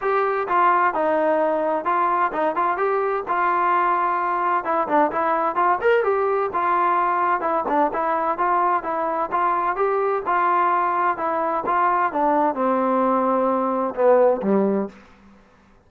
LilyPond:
\new Staff \with { instrumentName = "trombone" } { \time 4/4 \tempo 4 = 129 g'4 f'4 dis'2 | f'4 dis'8 f'8 g'4 f'4~ | f'2 e'8 d'8 e'4 | f'8 ais'8 g'4 f'2 |
e'8 d'8 e'4 f'4 e'4 | f'4 g'4 f'2 | e'4 f'4 d'4 c'4~ | c'2 b4 g4 | }